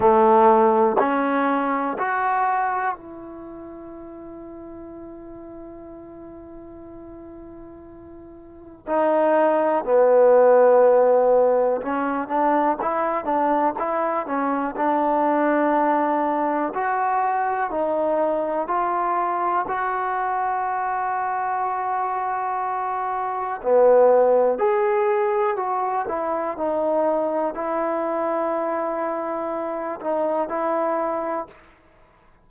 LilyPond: \new Staff \with { instrumentName = "trombone" } { \time 4/4 \tempo 4 = 61 a4 cis'4 fis'4 e'4~ | e'1~ | e'4 dis'4 b2 | cis'8 d'8 e'8 d'8 e'8 cis'8 d'4~ |
d'4 fis'4 dis'4 f'4 | fis'1 | b4 gis'4 fis'8 e'8 dis'4 | e'2~ e'8 dis'8 e'4 | }